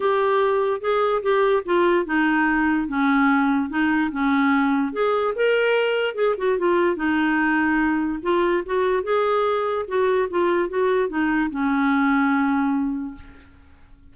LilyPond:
\new Staff \with { instrumentName = "clarinet" } { \time 4/4 \tempo 4 = 146 g'2 gis'4 g'4 | f'4 dis'2 cis'4~ | cis'4 dis'4 cis'2 | gis'4 ais'2 gis'8 fis'8 |
f'4 dis'2. | f'4 fis'4 gis'2 | fis'4 f'4 fis'4 dis'4 | cis'1 | }